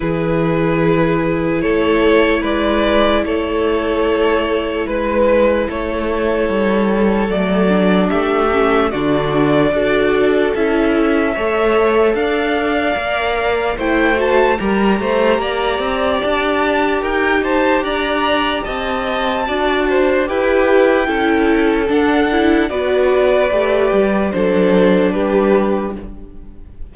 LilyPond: <<
  \new Staff \with { instrumentName = "violin" } { \time 4/4 \tempo 4 = 74 b'2 cis''4 d''4 | cis''2 b'4 cis''4~ | cis''4 d''4 e''4 d''4~ | d''4 e''2 f''4~ |
f''4 g''8 a''8 ais''2 | a''4 g''8 a''8 ais''4 a''4~ | a''4 g''2 fis''4 | d''2 c''4 b'4 | }
  \new Staff \with { instrumentName = "violin" } { \time 4/4 gis'2 a'4 b'4 | a'2 b'4 a'4~ | a'2 g'4 fis'4 | a'2 cis''4 d''4~ |
d''4 c''4 ais'8 c''8 d''4~ | d''4 ais'8 c''8 d''4 dis''4 | d''8 c''8 b'4 a'2 | b'2 a'4 g'4 | }
  \new Staff \with { instrumentName = "viola" } { \time 4/4 e'1~ | e'1~ | e'4 a8 d'4 cis'8 d'4 | fis'4 e'4 a'2 |
ais'4 e'8 fis'8 g'2~ | g'1 | fis'4 g'4 e'4 d'8 e'8 | fis'4 g'4 d'2 | }
  \new Staff \with { instrumentName = "cello" } { \time 4/4 e2 a4 gis4 | a2 gis4 a4 | g4 fis4 a4 d4 | d'4 cis'4 a4 d'4 |
ais4 a4 g8 a8 ais8 c'8 | d'4 dis'4 d'4 c'4 | d'4 e'4 cis'4 d'4 | b4 a8 g8 fis4 g4 | }
>>